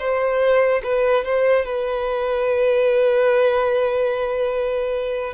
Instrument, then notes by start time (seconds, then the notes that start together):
violin
0.00 C5
0.84 B4
1.25 C5
1.66 B4